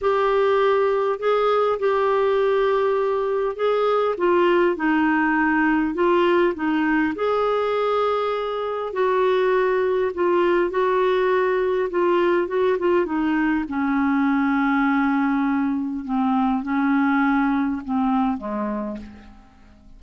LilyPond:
\new Staff \with { instrumentName = "clarinet" } { \time 4/4 \tempo 4 = 101 g'2 gis'4 g'4~ | g'2 gis'4 f'4 | dis'2 f'4 dis'4 | gis'2. fis'4~ |
fis'4 f'4 fis'2 | f'4 fis'8 f'8 dis'4 cis'4~ | cis'2. c'4 | cis'2 c'4 gis4 | }